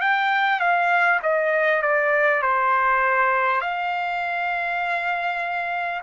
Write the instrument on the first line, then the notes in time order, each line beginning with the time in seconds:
trumpet
0.00 G5
0.59 F5
1.22 D#5
1.82 D5
2.42 C5
3.61 F5